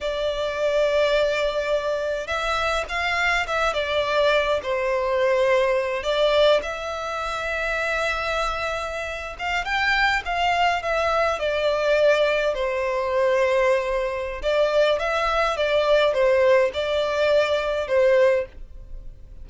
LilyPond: \new Staff \with { instrumentName = "violin" } { \time 4/4 \tempo 4 = 104 d''1 | e''4 f''4 e''8 d''4. | c''2~ c''8 d''4 e''8~ | e''1~ |
e''16 f''8 g''4 f''4 e''4 d''16~ | d''4.~ d''16 c''2~ c''16~ | c''4 d''4 e''4 d''4 | c''4 d''2 c''4 | }